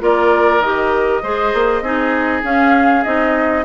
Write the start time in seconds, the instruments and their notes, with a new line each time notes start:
0.00 bassoon A#3, clarinet F4, oboe A#4, flute D5
0.60 bassoon D#3, clarinet G4, flute D#5
1.23 bassoon G#3, clarinet G#4, oboe C5
1.54 bassoon A#3
1.82 bassoon C4, clarinet D#4, oboe G#4
2.43 clarinet C#4, bassoon C#4, flute F5
3.04 bassoon C4, clarinet D#4, flute D#5